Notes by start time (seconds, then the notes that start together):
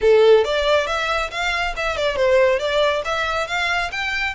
0.01 A4
0.44 D5
0.86 E5
1.30 F5
1.76 E5
1.96 D5
2.16 C5
2.59 D5
3.04 E5
3.47 F5
3.91 G5